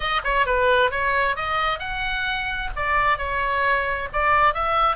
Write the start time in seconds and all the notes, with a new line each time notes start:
0.00 D#5
0.24 C#5
0.46 B4
0.90 C#5
1.35 D#5
1.79 F#5
2.76 D5
3.18 C#5
4.12 D5
4.54 E5